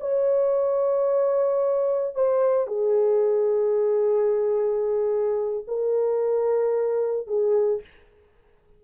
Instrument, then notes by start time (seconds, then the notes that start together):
horn
0.00 C#5
2.15 C5
2.67 G#4
5.68 A#4
7.27 G#4